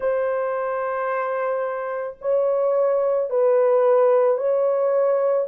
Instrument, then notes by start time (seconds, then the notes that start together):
horn
0.00 C5
2.21 C#5
3.30 B4
4.37 C#5